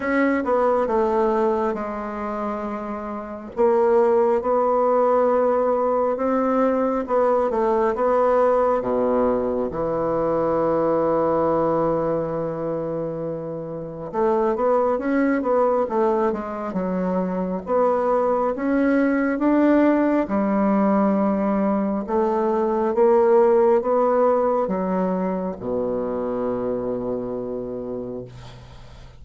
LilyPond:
\new Staff \with { instrumentName = "bassoon" } { \time 4/4 \tempo 4 = 68 cis'8 b8 a4 gis2 | ais4 b2 c'4 | b8 a8 b4 b,4 e4~ | e1 |
a8 b8 cis'8 b8 a8 gis8 fis4 | b4 cis'4 d'4 g4~ | g4 a4 ais4 b4 | fis4 b,2. | }